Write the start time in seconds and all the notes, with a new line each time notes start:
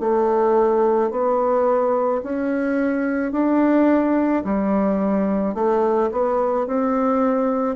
0.00 A3
1.11 B3
2.23 C#4
3.32 D4
4.44 G3
5.55 A3
6.11 B3
6.66 C4